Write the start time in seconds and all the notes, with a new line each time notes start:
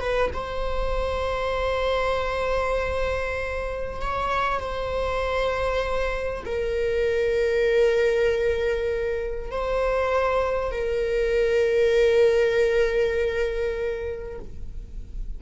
0.00 B4
0.33 C5
4.01 C#5
4.60 C5
6.45 A#4
9.51 C5
10.71 A#4